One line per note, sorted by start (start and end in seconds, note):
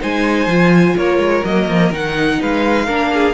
0.00 0.46 G#3
0.00 0.48 D#4
0.00 0.96 C5
0.00 0.97 G#5
0.46 0.94 F3
0.46 1.44 F4
0.97 1.18 A#3
0.97 2.39 A#4
0.97 1.45 C#5
1.18 1.42 G#3
1.45 1.68 F#3
1.45 1.92 A#3
1.45 1.92 D#5
1.68 1.91 F3
1.91 2.39 D#3
1.91 2.87 D#4
1.91 2.42 F#5
2.40 2.87 G#3
2.40 2.86 B4
2.40 3.34 F5
2.86 3.34 A#3
2.86 3.34 D4
2.86 3.10 A#4
3.13 3.34 G#4